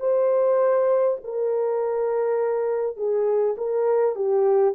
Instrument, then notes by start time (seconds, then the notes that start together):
horn
0.00 C5
1.25 A#4
2.97 G#4
3.58 A#4
4.16 G4